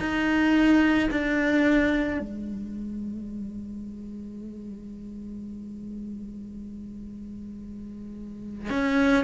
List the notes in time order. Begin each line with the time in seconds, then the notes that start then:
0.00 D#4
1.11 D4
2.20 G#3
8.70 C#4